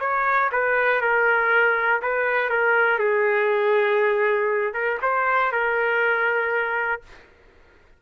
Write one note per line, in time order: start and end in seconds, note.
0.00 0.50 C#5
0.52 1.01 B4
1.01 2.01 A#4
2.02 2.50 B4
2.50 2.98 A#4
2.98 4.73 G#4
4.73 4.98 A#4
5.02 5.52 C5
5.52 7.02 A#4